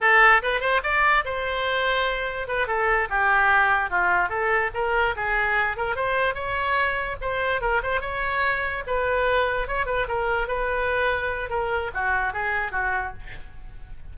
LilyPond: \new Staff \with { instrumentName = "oboe" } { \time 4/4 \tempo 4 = 146 a'4 b'8 c''8 d''4 c''4~ | c''2 b'8 a'4 g'8~ | g'4. f'4 a'4 ais'8~ | ais'8 gis'4. ais'8 c''4 cis''8~ |
cis''4. c''4 ais'8 c''8 cis''8~ | cis''4. b'2 cis''8 | b'8 ais'4 b'2~ b'8 | ais'4 fis'4 gis'4 fis'4 | }